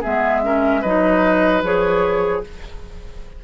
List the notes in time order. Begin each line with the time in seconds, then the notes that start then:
0.00 G#3 B3 G#4 E5
0.43 C#4 A#4
0.81 F#3 D#4 B4 D#5
1.62 F3 G#4 C#5